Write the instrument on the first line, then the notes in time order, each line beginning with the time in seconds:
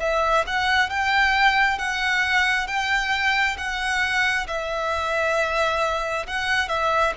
violin
0.00 E5
0.47 F#5
0.90 G5
1.79 F#5
2.67 G5
3.57 F#5
4.47 E5
6.27 F#5
6.68 E5